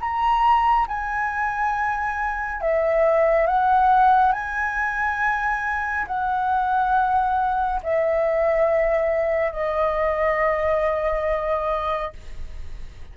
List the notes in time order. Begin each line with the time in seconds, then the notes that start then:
0.00 A#5
0.88 G#5
2.61 E5
3.46 F#5
4.32 G#5
6.07 F#5
7.83 E5
9.52 D#5